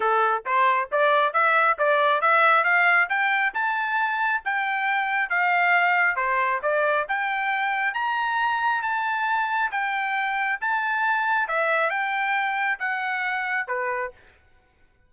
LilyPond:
\new Staff \with { instrumentName = "trumpet" } { \time 4/4 \tempo 4 = 136 a'4 c''4 d''4 e''4 | d''4 e''4 f''4 g''4 | a''2 g''2 | f''2 c''4 d''4 |
g''2 ais''2 | a''2 g''2 | a''2 e''4 g''4~ | g''4 fis''2 b'4 | }